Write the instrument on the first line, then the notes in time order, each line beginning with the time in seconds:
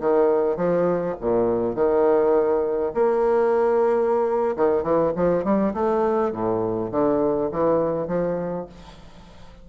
bassoon
0.00 D#3
0.56 F3
1.21 A#2
1.75 D#3
2.94 A#3
4.56 D#3
4.83 E3
5.16 F3
5.44 G3
5.74 A3
6.32 A2
6.91 D3
7.52 E3
8.07 F3